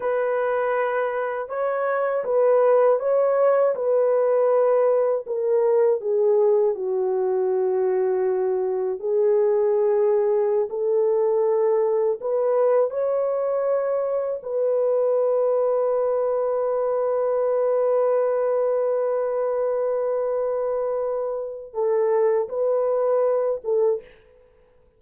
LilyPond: \new Staff \with { instrumentName = "horn" } { \time 4/4 \tempo 4 = 80 b'2 cis''4 b'4 | cis''4 b'2 ais'4 | gis'4 fis'2. | gis'2~ gis'16 a'4.~ a'16~ |
a'16 b'4 cis''2 b'8.~ | b'1~ | b'1~ | b'4 a'4 b'4. a'8 | }